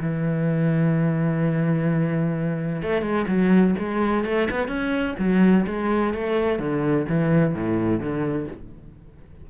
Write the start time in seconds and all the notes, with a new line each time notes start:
0.00 E3
2.82 A3
3.02 G#3
3.28 F#3
3.79 G#3
4.25 A3
4.51 B3
4.68 C#4
5.19 F#3
5.67 G#3
6.14 A3
6.59 D3
7.09 E3
7.55 A2
8.00 D3